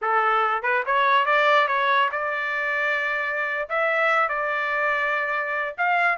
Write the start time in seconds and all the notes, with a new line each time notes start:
0.01 A4
0.62 B4
0.86 C#5
1.25 D5
1.67 C#5
2.11 D5
3.69 E5
4.28 D5
5.77 F5